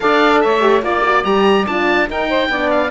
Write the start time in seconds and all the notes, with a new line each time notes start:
0.00 D4 A4 D5 F5
0.40 A3 C#5 E5
0.61 G4
0.81 A#3 F4 D5
1.05 F#4
1.24 G3 G4 A#5
1.66 D4 F4 A5
2.08 D#4 A#4 G5
2.28 C5
2.48 B3 D4 D5
2.70 F5